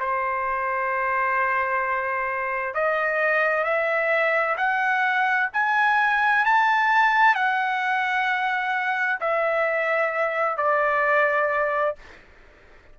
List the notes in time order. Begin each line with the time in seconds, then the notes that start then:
0.00 C5
2.75 D#5
3.64 E5
4.58 F#5
5.54 G#5
6.46 A5
7.35 F#5
9.21 E5
10.58 D5